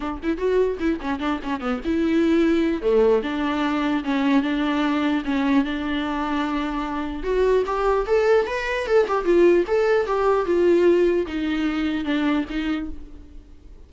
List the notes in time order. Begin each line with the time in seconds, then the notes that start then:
0.00 D4
0.22 E4
0.37 F#4
0.79 E4
1.00 C#4
1.19 D4
1.43 C#4
1.60 B3
1.84 E4
2.81 A3
3.23 D4
4.03 C#4
4.42 D4
5.25 C#4
5.64 D4
7.23 F#4
7.65 G4
8.06 A4
8.46 B4
8.86 A4
9.07 G4
9.24 F4
9.67 A4
10.06 G4
10.45 F4
11.26 D#4
12.04 D4
12.49 D#4